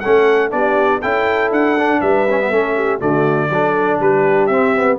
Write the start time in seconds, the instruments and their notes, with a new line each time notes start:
0.00 tuba A3, trombone C#4, horn A4, trumpet F#5
0.51 tuba B3, trombone D4, horn G4, trumpet D5
1.00 tuba C#4, trombone E4, horn A4, trumpet G5
1.51 tuba D4, trumpet F#5
1.78 trombone D4
2.00 tuba G3, horn B4, trumpet E5
2.29 trombone C#4
2.39 trombone B3
2.50 tuba A3, trombone C#4, horn A4
2.76 horn G4
2.98 tuba D3, trombone A3, horn F#4, trumpet D5
3.50 tuba F#3, trombone D4, horn A4
3.99 tuba G3, horn G4, trumpet B4
4.46 tuba C4, trombone C4, trumpet E5
4.76 trombone B3